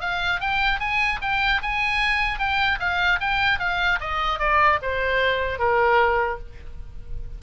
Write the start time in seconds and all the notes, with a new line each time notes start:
0.00 F5
0.40 G5
0.79 G#5
1.21 G5
1.62 G#5
2.39 G5
2.79 F5
3.20 G5
3.59 F5
4.00 D#5
4.39 D5
4.82 C5
5.59 A#4